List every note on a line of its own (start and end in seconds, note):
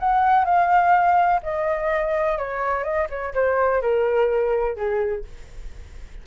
0.00 0.45 F#5
0.45 1.41 F5
1.43 2.38 D#5
2.38 2.84 C#5
2.84 3.08 D#5
3.10 3.34 C#5
3.34 3.82 C5
3.82 4.77 A#4
4.77 5.25 G#4